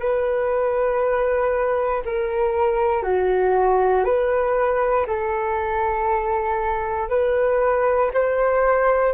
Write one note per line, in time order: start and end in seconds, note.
0.00 2.03 B4
2.05 3.03 A#4
3.03 4.05 F#4
4.05 5.07 B4
5.07 7.10 A4
7.10 8.11 B4
8.14 9.14 C5